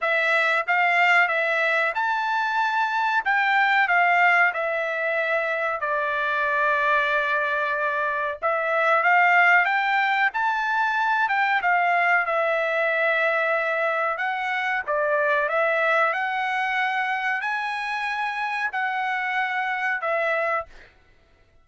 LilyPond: \new Staff \with { instrumentName = "trumpet" } { \time 4/4 \tempo 4 = 93 e''4 f''4 e''4 a''4~ | a''4 g''4 f''4 e''4~ | e''4 d''2.~ | d''4 e''4 f''4 g''4 |
a''4. g''8 f''4 e''4~ | e''2 fis''4 d''4 | e''4 fis''2 gis''4~ | gis''4 fis''2 e''4 | }